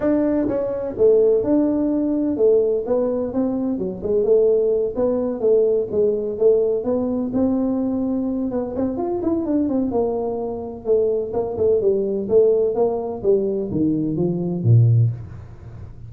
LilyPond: \new Staff \with { instrumentName = "tuba" } { \time 4/4 \tempo 4 = 127 d'4 cis'4 a4 d'4~ | d'4 a4 b4 c'4 | fis8 gis8 a4. b4 a8~ | a8 gis4 a4 b4 c'8~ |
c'2 b8 c'8 f'8 e'8 | d'8 c'8 ais2 a4 | ais8 a8 g4 a4 ais4 | g4 dis4 f4 ais,4 | }